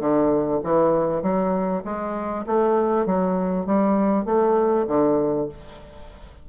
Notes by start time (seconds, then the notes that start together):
0.00 D3
0.64 E3
1.23 F#3
1.85 G#3
2.47 A3
3.06 F#3
3.66 G3
4.25 A3
4.88 D3